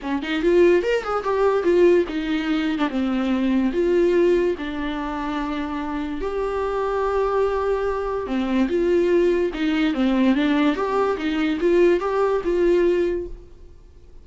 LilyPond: \new Staff \with { instrumentName = "viola" } { \time 4/4 \tempo 4 = 145 cis'8 dis'8 f'4 ais'8 gis'8 g'4 | f'4 dis'4.~ dis'16 d'16 c'4~ | c'4 f'2 d'4~ | d'2. g'4~ |
g'1 | c'4 f'2 dis'4 | c'4 d'4 g'4 dis'4 | f'4 g'4 f'2 | }